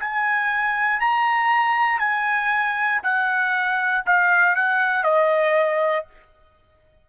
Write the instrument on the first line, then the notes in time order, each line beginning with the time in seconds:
trumpet
0.00 G#5
1.00 A#5
1.99 G#5
3.03 F#5
4.06 F5
4.55 F#5
5.03 D#5